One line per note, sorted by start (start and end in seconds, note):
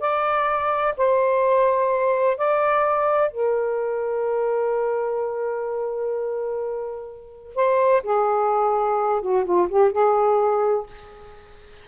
0.00 0.94 D5
0.97 2.37 C5
2.37 3.31 D5
3.31 7.55 A#4
7.55 8.03 C5
8.03 9.21 G#4
9.21 9.45 F#4
9.45 9.68 F4
9.69 9.92 G4
9.92 10.86 G#4